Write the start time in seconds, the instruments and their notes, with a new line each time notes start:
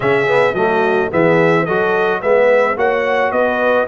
0.00 tuba C#3, trombone C#4, horn G#4, trumpet E5
0.26 trombone B3
0.53 tuba F#3, trombone A3, horn F#4, trumpet D#5
1.11 tuba E3, trombone B3, horn G#4, trumpet E5
1.64 tuba F#3, trombone F#4, horn A4, trumpet D#5
2.20 tuba G#3, trombone B3, horn B4, trumpet E5
2.76 tuba A#3, trombone F#4, horn C#5, trumpet F#5
3.31 tuba B3, horn B4, trumpet D#5